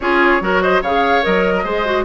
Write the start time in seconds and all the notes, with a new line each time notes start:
0.00 C#4 F4 G#4 C#5
0.40 F#3 F#4 A#4
0.61 C5 D#5
0.82 C#3 G#4 C#5 F5
1.22 F#3 A#4 D#5
1.55 A#4
1.63 G#3 G#4 C5
1.85 F#4